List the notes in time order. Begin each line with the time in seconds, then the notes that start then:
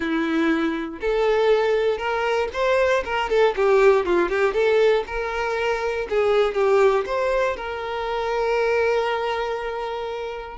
0.00 E4
1.00 A4
1.98 A#4
2.53 C5
3.04 A#4
3.29 A4
3.55 G4
4.05 F4
4.29 G4
4.53 A4
5.06 A#4
6.09 G#4
6.54 G4
7.06 C5
7.56 A#4